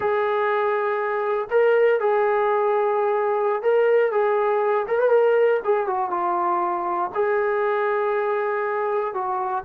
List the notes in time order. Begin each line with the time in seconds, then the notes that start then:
0.00 G#4
1.50 A#4
2.00 G#4
3.62 A#4
4.11 G#4
4.87 A#4
4.99 B4
5.10 A#4
5.64 G#4
5.86 F#4
6.10 F4
7.14 G#4
9.14 F#4